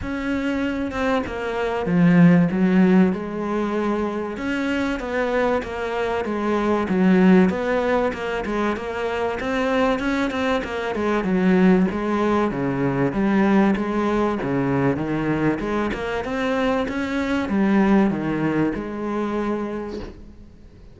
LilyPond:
\new Staff \with { instrumentName = "cello" } { \time 4/4 \tempo 4 = 96 cis'4. c'8 ais4 f4 | fis4 gis2 cis'4 | b4 ais4 gis4 fis4 | b4 ais8 gis8 ais4 c'4 |
cis'8 c'8 ais8 gis8 fis4 gis4 | cis4 g4 gis4 cis4 | dis4 gis8 ais8 c'4 cis'4 | g4 dis4 gis2 | }